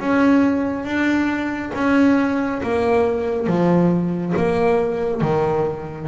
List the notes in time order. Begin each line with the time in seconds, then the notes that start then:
0.00 C#4
0.85 D4
1.75 C#4
2.63 A#3
3.47 F3
4.37 A#3
5.21 D#3